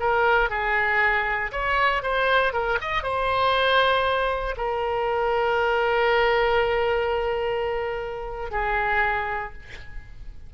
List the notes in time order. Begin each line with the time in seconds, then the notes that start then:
0.00 A#4
0.50 G#4
1.52 C#5
2.03 C5
2.54 A#4
2.82 D#5
3.03 C5
4.57 A#4
8.51 G#4